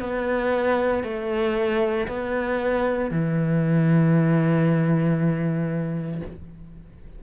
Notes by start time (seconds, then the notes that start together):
0.00 B3
1.03 A3
2.07 B3
3.11 E3